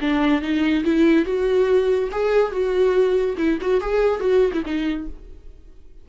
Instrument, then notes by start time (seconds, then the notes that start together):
viola
0.00 D4
0.41 D#4
0.84 E4
1.25 F#4
2.11 G#4
2.51 F#4
3.37 E4
3.60 F#4
3.80 G#4
4.19 F#4
4.52 E4
4.65 D#4